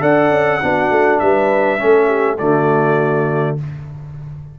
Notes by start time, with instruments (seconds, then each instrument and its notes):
0.00 tuba D4, trombone A4, horn D5, trumpet F#5
0.30 tuba C#4
0.62 tuba B3, trombone D4, horn F#4
0.90 tuba A3
1.19 tuba G3, horn B4, trumpet E5
1.78 tuba A3, trombone C#4, horn A4
2.07 horn G4
2.38 tuba D3, trombone A3, horn F#4, trumpet D5